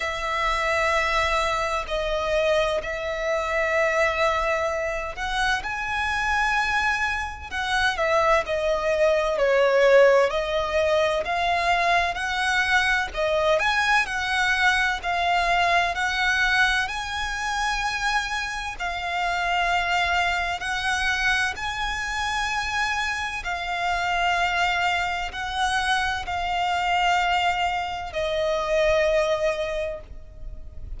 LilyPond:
\new Staff \with { instrumentName = "violin" } { \time 4/4 \tempo 4 = 64 e''2 dis''4 e''4~ | e''4. fis''8 gis''2 | fis''8 e''8 dis''4 cis''4 dis''4 | f''4 fis''4 dis''8 gis''8 fis''4 |
f''4 fis''4 gis''2 | f''2 fis''4 gis''4~ | gis''4 f''2 fis''4 | f''2 dis''2 | }